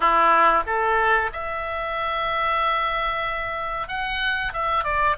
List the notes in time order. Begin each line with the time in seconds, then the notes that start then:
0.00 E4
0.66 A4
1.33 E5
3.88 F#5
4.53 E5
4.84 D5